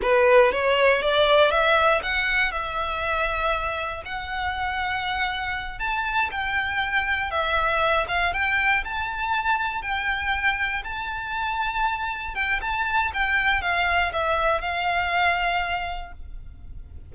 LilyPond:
\new Staff \with { instrumentName = "violin" } { \time 4/4 \tempo 4 = 119 b'4 cis''4 d''4 e''4 | fis''4 e''2. | fis''2.~ fis''8 a''8~ | a''8 g''2 e''4. |
f''8 g''4 a''2 g''8~ | g''4. a''2~ a''8~ | a''8 g''8 a''4 g''4 f''4 | e''4 f''2. | }